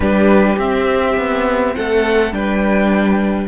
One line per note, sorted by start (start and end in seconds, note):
0.00 0.55 G3
0.00 0.58 D4
0.00 1.75 G4
0.00 0.58 B4
0.58 1.16 C4
0.58 2.32 C4
0.58 1.75 E5
1.17 1.75 B3
1.75 2.32 A3
1.75 2.34 A4
1.75 2.33 F#5
2.32 3.48 G3
2.32 3.48 D4
2.32 3.48 B4
2.32 3.48 G5